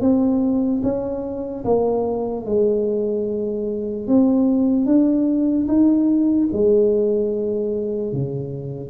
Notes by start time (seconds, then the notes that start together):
0.00 C4
0.83 C#4
1.64 A#3
2.45 G#3
4.07 C4
4.85 D4
5.67 D#4
6.52 G#3
8.12 C#3